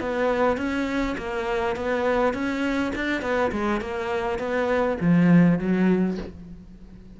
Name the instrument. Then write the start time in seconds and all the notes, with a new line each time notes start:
cello
0.00 B3
0.57 C#4
1.18 A#3
1.76 B3
2.33 C#4
2.95 D4
3.22 B3
3.52 G#3
3.81 A#3
4.39 B3
5.00 F3
5.59 F#3